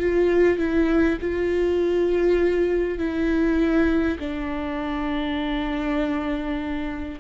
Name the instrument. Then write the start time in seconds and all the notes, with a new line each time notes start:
viola
0.00 F4
0.59 E4
1.21 F4
2.98 E4
4.20 D4